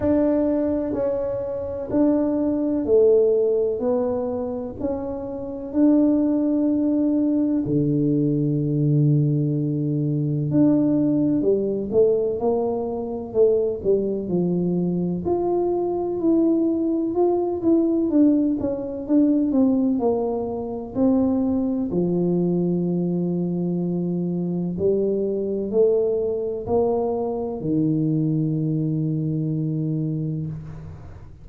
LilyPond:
\new Staff \with { instrumentName = "tuba" } { \time 4/4 \tempo 4 = 63 d'4 cis'4 d'4 a4 | b4 cis'4 d'2 | d2. d'4 | g8 a8 ais4 a8 g8 f4 |
f'4 e'4 f'8 e'8 d'8 cis'8 | d'8 c'8 ais4 c'4 f4~ | f2 g4 a4 | ais4 dis2. | }